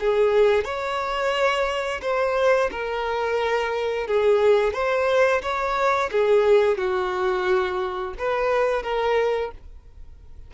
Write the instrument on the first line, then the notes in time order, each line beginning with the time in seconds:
violin
0.00 G#4
0.64 C#5
2.02 C5
2.71 A#4
4.07 G#4
4.73 C5
5.42 C#5
6.12 G#4
6.78 F#4
8.19 B4
8.83 A#4